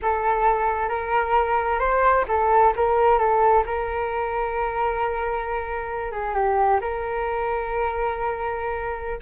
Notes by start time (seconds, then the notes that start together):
0.01 A4
0.88 A#4
1.79 C5
2.27 A4
2.75 A#4
3.18 A4
3.65 A#4
6.11 G#4
6.34 G4
6.80 A#4